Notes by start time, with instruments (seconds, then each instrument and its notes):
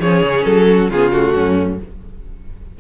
0.00 cello F3, viola C#4, violin G#4 C#5
0.23 cello C#3
0.44 cello F#3, violin A4
0.70 violin F#4
0.90 cello C#3, viola B3, violin F4 G#4
1.12 viola A3, violin F#4
1.34 cello F#2, violin C#4